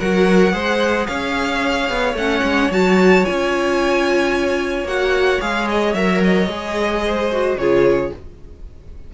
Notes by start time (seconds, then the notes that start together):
0.00 F#3 F#4 A#4 F#5
0.52 G#3 G#4 C5
1.07 C#4 C#5 F5
1.90 B3
2.14 A3 C#4 F#5
2.43 G#3
2.70 F#3 F#4 A5
3.24 C#4 F4 G#5
4.84 A#3 F#4 F#5
5.40 G#3 G#4 F5
5.69 D#5
5.94 F#3 A#4 E5
6.24 D#5
6.47 G#3 G#4
7.06 C5
7.32 F#4
7.56 C#3 F4 G#4 C#5